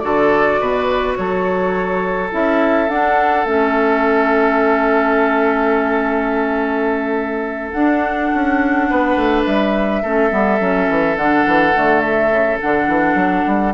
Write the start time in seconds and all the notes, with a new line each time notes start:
0.00 D3 F#4 A4 D5
0.60 B2 B4
1.16 F#3 A4 C#5
2.32 C#4 E4 E5
2.89 D4 F#5
3.45 A3 C#4 E5
7.71 D4 F#5
8.35 C#4
8.90 B3 B4
9.16 A3
9.46 G3 E5
10.03 A3 C#4 A4
10.30 G3 B3
10.60 F#3 C#4
10.90 E3
11.17 D3 D4 F#5
11.47 E3
11.74 D3 A3
12.00 E5
12.31 C#3
12.61 D3 D4 F#5
12.88 E3
13.15 F#3
13.47 G3